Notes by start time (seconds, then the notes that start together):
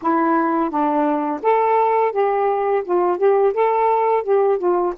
0.02 E4
0.69 D4
1.42 A4
2.12 G4
2.84 F4
3.18 G4
3.53 A4
4.23 G4
4.58 F4